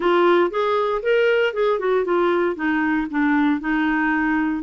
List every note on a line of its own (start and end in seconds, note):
0.00 0.50 F4
0.50 1.01 G#4
1.02 1.53 A#4
1.53 1.79 G#4
1.79 2.04 F#4
2.05 2.55 F4
2.55 3.07 D#4
3.10 3.60 D4
3.60 4.63 D#4